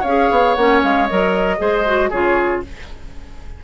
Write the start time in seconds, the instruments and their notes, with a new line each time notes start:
0.00 bassoon C#4, oboe C#5, flute F5
0.07 clarinet G#4
0.30 bassoon B3
0.54 bassoon A#3, clarinet C#4, flute F#5
0.83 bassoon G#3, flute F5
1.07 bassoon F#3, clarinet A#4, flute D#5
1.58 bassoon G#3, clarinet G#4, oboe C5
1.86 clarinet F#4
2.09 bassoon C#3, clarinet F4, oboe G#4, flute C#5